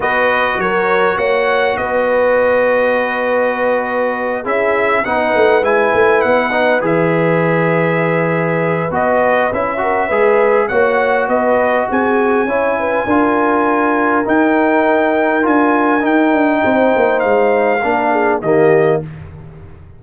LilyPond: <<
  \new Staff \with { instrumentName = "trumpet" } { \time 4/4 \tempo 4 = 101 dis''4 cis''4 fis''4 dis''4~ | dis''2.~ dis''8 e''8~ | e''8 fis''4 gis''4 fis''4 e''8~ | e''2. dis''4 |
e''2 fis''4 dis''4 | gis''1 | g''2 gis''4 g''4~ | g''4 f''2 dis''4 | }
  \new Staff \with { instrumentName = "horn" } { \time 4/4 b'4 ais'4 cis''4 b'4~ | b'2.~ b'8 gis'8~ | gis'8 b'2.~ b'8~ | b'1~ |
b'8 ais'8 b'4 cis''4 b'4 | gis'4 cis''8 b'8 ais'2~ | ais'1 | c''2 ais'8 gis'8 g'4 | }
  \new Staff \with { instrumentName = "trombone" } { \time 4/4 fis'1~ | fis'2.~ fis'8 e'8~ | e'8 dis'4 e'4. dis'8 gis'8~ | gis'2. fis'4 |
e'8 fis'8 gis'4 fis'2~ | fis'4 e'4 f'2 | dis'2 f'4 dis'4~ | dis'2 d'4 ais4 | }
  \new Staff \with { instrumentName = "tuba" } { \time 4/4 b4 fis4 ais4 b4~ | b2.~ b8 cis'8~ | cis'8 b8 a8 gis8 a8 b4 e8~ | e2. b4 |
cis'4 gis4 ais4 b4 | c'4 cis'4 d'2 | dis'2 d'4 dis'8 d'8 | c'8 ais8 gis4 ais4 dis4 | }
>>